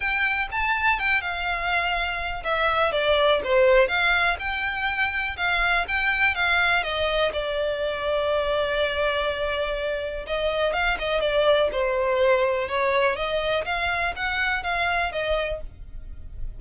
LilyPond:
\new Staff \with { instrumentName = "violin" } { \time 4/4 \tempo 4 = 123 g''4 a''4 g''8 f''4.~ | f''4 e''4 d''4 c''4 | f''4 g''2 f''4 | g''4 f''4 dis''4 d''4~ |
d''1~ | d''4 dis''4 f''8 dis''8 d''4 | c''2 cis''4 dis''4 | f''4 fis''4 f''4 dis''4 | }